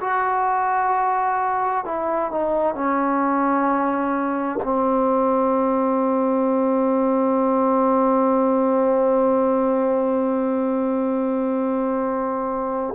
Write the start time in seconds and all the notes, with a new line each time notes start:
0.00 F#4
1.85 E4
2.31 D#4
2.74 C#4
4.63 C4